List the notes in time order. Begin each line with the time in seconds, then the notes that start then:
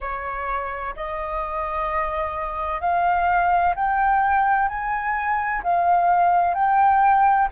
0.00 C#5
0.95 D#5
2.80 F5
3.75 G5
4.68 G#5
5.62 F5
6.54 G5